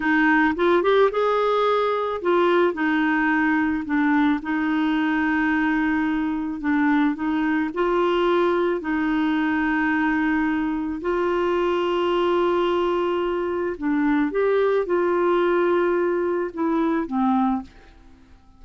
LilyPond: \new Staff \with { instrumentName = "clarinet" } { \time 4/4 \tempo 4 = 109 dis'4 f'8 g'8 gis'2 | f'4 dis'2 d'4 | dis'1 | d'4 dis'4 f'2 |
dis'1 | f'1~ | f'4 d'4 g'4 f'4~ | f'2 e'4 c'4 | }